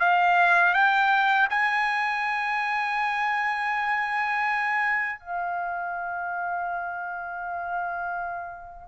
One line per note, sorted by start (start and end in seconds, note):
0.00 0.74 F5
0.74 1.48 G5
1.50 5.20 G#5
5.20 8.88 F5